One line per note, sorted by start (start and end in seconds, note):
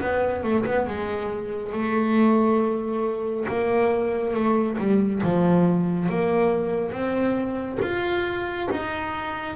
0.00 0.43 B3
0.43 0.65 A3
0.65 0.87 B3
0.87 1.72 G#3
1.72 3.46 A3
3.48 4.34 A#3
4.34 4.77 A3
4.78 5.22 G3
5.23 6.09 F3
6.09 6.92 A#3
6.92 7.79 C4
7.81 8.68 F4
8.70 9.56 D#4